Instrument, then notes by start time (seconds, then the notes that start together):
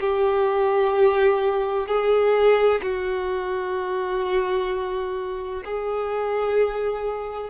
violin
0.00 G4
1.87 G#4
2.82 F#4
5.64 G#4